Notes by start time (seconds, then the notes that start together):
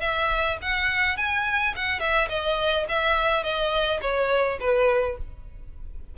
0.00 E5
0.62 F#5
1.17 G#5
1.76 F#5
2.00 E5
2.29 D#5
2.89 E5
3.43 D#5
4.01 C#5
4.60 B4